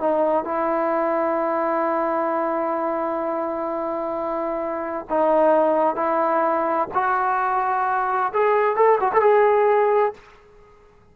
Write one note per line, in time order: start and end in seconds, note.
0.00 0.44 D#4
0.44 5.06 E4
5.09 5.95 D#4
5.95 6.88 E4
6.94 8.32 F#4
8.33 8.76 G#4
8.76 8.99 A4
9.00 9.12 F#4
9.13 9.21 A4
9.21 10.13 G#4